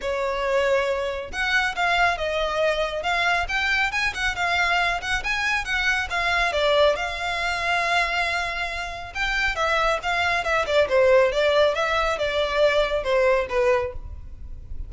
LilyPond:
\new Staff \with { instrumentName = "violin" } { \time 4/4 \tempo 4 = 138 cis''2. fis''4 | f''4 dis''2 f''4 | g''4 gis''8 fis''8 f''4. fis''8 | gis''4 fis''4 f''4 d''4 |
f''1~ | f''4 g''4 e''4 f''4 | e''8 d''8 c''4 d''4 e''4 | d''2 c''4 b'4 | }